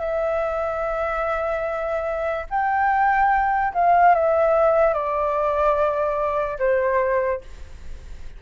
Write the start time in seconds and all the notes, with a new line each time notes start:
0.00 E5
2.50 G5
3.74 F5
4.15 E5
4.94 D5
6.59 C5